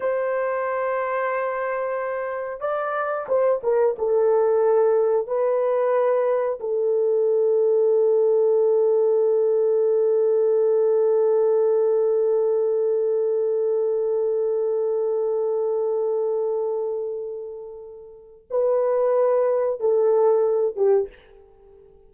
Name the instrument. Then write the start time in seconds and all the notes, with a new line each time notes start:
horn
0.00 C5
2.60 D5
3.28 C5
3.63 A#4
3.98 A4
5.27 B4
6.59 A4
18.50 B4
19.80 A4
20.75 G4